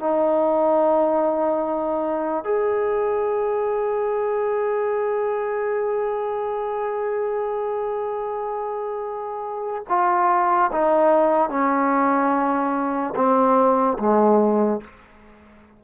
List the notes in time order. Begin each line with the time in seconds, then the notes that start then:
0.00 D#4
2.44 G#4
9.89 F4
10.73 D#4
11.50 C#4
13.16 C4
13.99 G#3